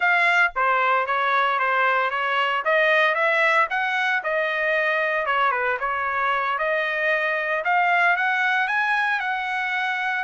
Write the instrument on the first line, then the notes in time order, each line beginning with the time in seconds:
trumpet
0.00 F5
0.55 C5
1.06 C#5
1.59 C5
2.10 C#5
2.64 D#5
3.14 E5
3.70 F#5
4.23 D#5
5.26 C#5
5.51 B4
5.79 C#5
6.58 D#5
7.64 F5
8.16 F#5
8.67 G#5
9.20 F#5